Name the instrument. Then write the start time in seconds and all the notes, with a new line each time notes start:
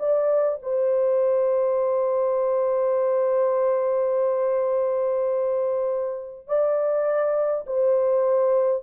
horn
0.00 D5
0.63 C5
6.48 D5
7.67 C5